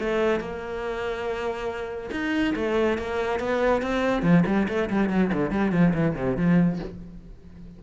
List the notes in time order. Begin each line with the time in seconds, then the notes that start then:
0.00 A3
0.40 A#3
2.11 D#4
2.56 A3
2.98 A#3
3.40 B3
3.82 C4
4.22 F3
4.47 G3
4.68 A3
4.90 G3
5.10 F#3
5.33 D3
5.51 G3
5.72 F3
5.94 E3
6.15 C3
6.37 F3